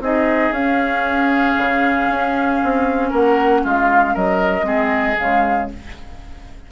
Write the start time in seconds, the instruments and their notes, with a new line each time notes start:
0.00 bassoon C4, clarinet D#4, oboe G#4, flute D#5
0.50 bassoon C#4, clarinet C#4, flute F5
1.57 bassoon C#3
2.09 bassoon C#4
2.63 bassoon C4
3.09 bassoon A#3, oboe A#4, flute F#5
3.63 bassoon G#3, oboe F4, flute F5
4.13 bassoon F#3, oboe A#4, flute D#5
4.62 bassoon G#3, clarinet C4, oboe G#4
5.18 bassoon C#3, clarinet G#3, flute F5